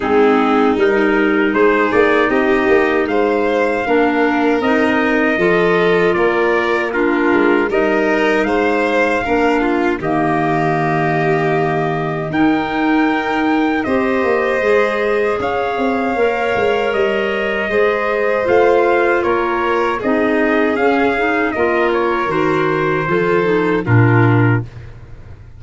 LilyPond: <<
  \new Staff \with { instrumentName = "trumpet" } { \time 4/4 \tempo 4 = 78 gis'4 ais'4 c''8 d''8 dis''4 | f''2 dis''2 | d''4 ais'4 dis''4 f''4~ | f''4 dis''2. |
g''2 dis''2 | f''2 dis''2 | f''4 cis''4 dis''4 f''4 | dis''8 cis''8 c''2 ais'4 | }
  \new Staff \with { instrumentName = "violin" } { \time 4/4 dis'2 gis'4 g'4 | c''4 ais'2 a'4 | ais'4 f'4 ais'4 c''4 | ais'8 f'8 g'2. |
ais'2 c''2 | cis''2. c''4~ | c''4 ais'4 gis'2 | ais'2 a'4 f'4 | }
  \new Staff \with { instrumentName = "clarinet" } { \time 4/4 c'4 dis'2.~ | dis'4 d'4 dis'4 f'4~ | f'4 d'4 dis'2 | d'4 ais2. |
dis'2 g'4 gis'4~ | gis'4 ais'2 gis'4 | f'2 dis'4 cis'8 dis'8 | f'4 fis'4 f'8 dis'8 d'4 | }
  \new Staff \with { instrumentName = "tuba" } { \time 4/4 gis4 g4 gis8 ais8 c'8 ais8 | gis4 ais4 c'4 f4 | ais4. gis8 g4 gis4 | ais4 dis2. |
dis'2 c'8 ais8 gis4 | cis'8 c'8 ais8 gis8 g4 gis4 | a4 ais4 c'4 cis'4 | ais4 dis4 f4 ais,4 | }
>>